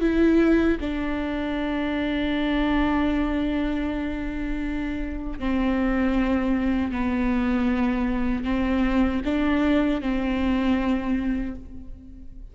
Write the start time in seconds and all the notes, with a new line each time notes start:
0.00 E4
0.80 D4
5.39 C4
6.91 B3
8.44 C4
9.24 D4
10.01 C4